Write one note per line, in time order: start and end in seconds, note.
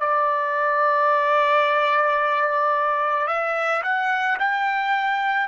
0.00 3.27 D5
3.27 3.82 E5
3.83 4.37 F#5
4.39 5.48 G5